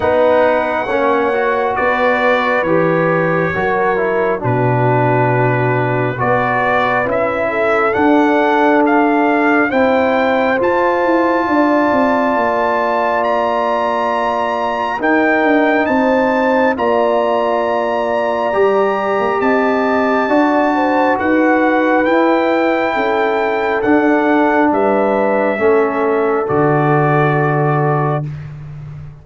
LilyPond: <<
  \new Staff \with { instrumentName = "trumpet" } { \time 4/4 \tempo 4 = 68 fis''2 d''4 cis''4~ | cis''4 b'2 d''4 | e''4 fis''4 f''4 g''4 | a''2. ais''4~ |
ais''4 g''4 a''4 ais''4~ | ais''2 a''2 | fis''4 g''2 fis''4 | e''2 d''2 | }
  \new Staff \with { instrumentName = "horn" } { \time 4/4 b'4 cis''4 b'2 | ais'4 fis'2 b'4~ | b'8 a'2~ a'8 c''4~ | c''4 d''2.~ |
d''4 ais'4 c''4 d''4~ | d''2 dis''4 d''8 c''8 | b'2 a'2 | b'4 a'2. | }
  \new Staff \with { instrumentName = "trombone" } { \time 4/4 dis'4 cis'8 fis'4. g'4 | fis'8 e'8 d'2 fis'4 | e'4 d'2 e'4 | f'1~ |
f'4 dis'2 f'4~ | f'4 g'2 fis'4~ | fis'4 e'2 d'4~ | d'4 cis'4 fis'2 | }
  \new Staff \with { instrumentName = "tuba" } { \time 4/4 b4 ais4 b4 e4 | fis4 b,2 b4 | cis'4 d'2 c'4 | f'8 e'8 d'8 c'8 ais2~ |
ais4 dis'8 d'8 c'4 ais4~ | ais4 g8. ais16 c'4 d'4 | dis'4 e'4 cis'4 d'4 | g4 a4 d2 | }
>>